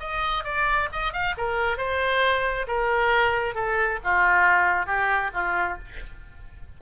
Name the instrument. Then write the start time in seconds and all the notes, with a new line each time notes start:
oboe
0.00 D#5
0.44 D5
0.93 D#5
1.13 F5
1.38 A#4
1.78 C5
2.68 A#4
3.55 A4
4.04 F4
4.87 G4
5.34 F4